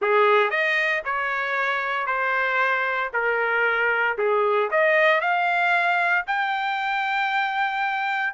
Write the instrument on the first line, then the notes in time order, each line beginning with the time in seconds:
trumpet
0.01 G#4
0.50 D#5
1.04 C#5
2.06 C5
3.13 A#4
4.18 G#4
4.70 D#5
5.20 F5
6.26 G5